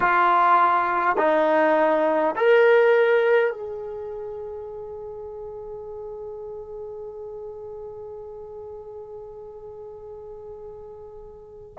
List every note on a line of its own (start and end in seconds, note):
0.00 1.16 F4
1.17 2.35 D#4
2.36 3.50 A#4
3.50 11.74 G#4